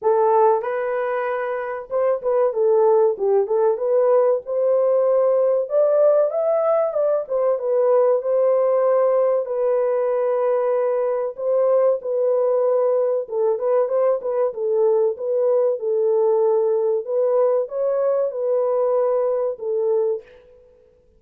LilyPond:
\new Staff \with { instrumentName = "horn" } { \time 4/4 \tempo 4 = 95 a'4 b'2 c''8 b'8 | a'4 g'8 a'8 b'4 c''4~ | c''4 d''4 e''4 d''8 c''8 | b'4 c''2 b'4~ |
b'2 c''4 b'4~ | b'4 a'8 b'8 c''8 b'8 a'4 | b'4 a'2 b'4 | cis''4 b'2 a'4 | }